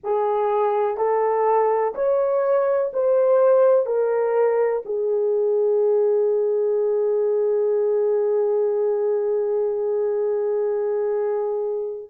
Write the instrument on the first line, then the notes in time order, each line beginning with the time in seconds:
horn
0.03 G#4
0.97 A4
1.94 C#5
2.93 C5
3.85 A#4
4.85 G#4